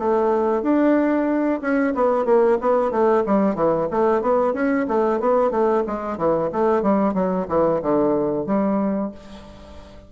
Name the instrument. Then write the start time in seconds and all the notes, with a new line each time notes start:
bassoon
0.00 A3
0.63 D4
1.62 C#4
1.95 B3
2.26 A#3
2.61 B3
2.92 A3
3.27 G3
3.56 E3
3.91 A3
4.22 B3
4.54 C#4
4.89 A3
5.21 B3
5.51 A3
5.87 G#3
6.18 E3
6.53 A3
6.83 G3
7.14 F#3
7.49 E3
7.82 D3
8.47 G3